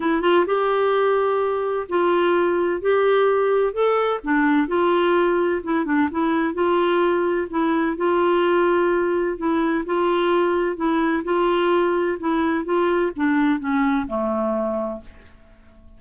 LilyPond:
\new Staff \with { instrumentName = "clarinet" } { \time 4/4 \tempo 4 = 128 e'8 f'8 g'2. | f'2 g'2 | a'4 d'4 f'2 | e'8 d'8 e'4 f'2 |
e'4 f'2. | e'4 f'2 e'4 | f'2 e'4 f'4 | d'4 cis'4 a2 | }